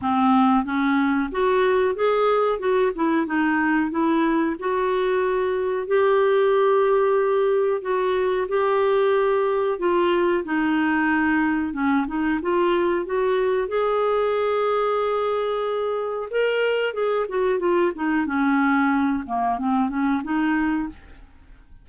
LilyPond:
\new Staff \with { instrumentName = "clarinet" } { \time 4/4 \tempo 4 = 92 c'4 cis'4 fis'4 gis'4 | fis'8 e'8 dis'4 e'4 fis'4~ | fis'4 g'2. | fis'4 g'2 f'4 |
dis'2 cis'8 dis'8 f'4 | fis'4 gis'2.~ | gis'4 ais'4 gis'8 fis'8 f'8 dis'8 | cis'4. ais8 c'8 cis'8 dis'4 | }